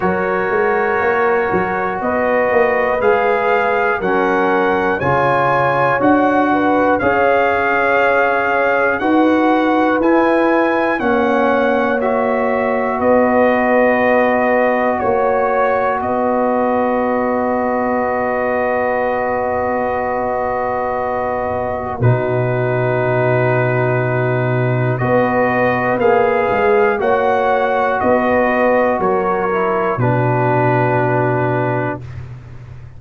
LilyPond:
<<
  \new Staff \with { instrumentName = "trumpet" } { \time 4/4 \tempo 4 = 60 cis''2 dis''4 f''4 | fis''4 gis''4 fis''4 f''4~ | f''4 fis''4 gis''4 fis''4 | e''4 dis''2 cis''4 |
dis''1~ | dis''2 b'2~ | b'4 dis''4 f''4 fis''4 | dis''4 cis''4 b'2 | }
  \new Staff \with { instrumentName = "horn" } { \time 4/4 ais'2 b'2 | ais'4 cis''4. b'8 cis''4~ | cis''4 b'2 cis''4~ | cis''4 b'2 cis''4 |
b'1~ | b'2 fis'2~ | fis'4 b'2 cis''4 | b'4 ais'4 fis'2 | }
  \new Staff \with { instrumentName = "trombone" } { \time 4/4 fis'2. gis'4 | cis'4 f'4 fis'4 gis'4~ | gis'4 fis'4 e'4 cis'4 | fis'1~ |
fis'1~ | fis'2 dis'2~ | dis'4 fis'4 gis'4 fis'4~ | fis'4. e'8 d'2 | }
  \new Staff \with { instrumentName = "tuba" } { \time 4/4 fis8 gis8 ais8 fis8 b8 ais8 gis4 | fis4 cis4 d'4 cis'4~ | cis'4 dis'4 e'4 ais4~ | ais4 b2 ais4 |
b1~ | b2 b,2~ | b,4 b4 ais8 gis8 ais4 | b4 fis4 b,2 | }
>>